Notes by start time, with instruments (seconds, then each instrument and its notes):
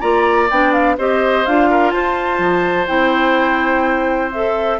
0.00 bassoon A#3, clarinet F4, oboe D5, flute A#5
0.50 bassoon B3, clarinet D4, flute G5
0.72 flute F5
0.98 bassoon C4, clarinet G4, oboe C5, flute D#5
1.45 bassoon D4, clarinet F4, flute F5
1.70 oboe A#4
1.90 bassoon F4, oboe C5, flute A5
2.38 bassoon F3
2.87 bassoon C4, clarinet E4, flute G5
4.32 clarinet A4, flute E5